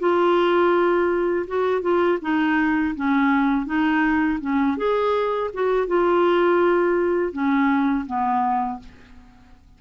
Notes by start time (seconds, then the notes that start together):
0.00 F4
1.48 F#4
1.82 F4
2.22 D#4
2.96 C#4
3.66 D#4
4.41 C#4
4.77 G#4
5.54 F#4
5.87 F4
7.33 C#4
8.07 B3